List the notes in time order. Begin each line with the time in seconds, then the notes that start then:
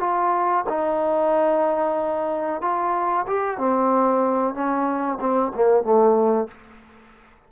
0.00 F4
0.69 D#4
2.61 F4
3.27 G4
3.58 C4
4.54 C#4
5.20 C4
5.55 A#3
5.84 A3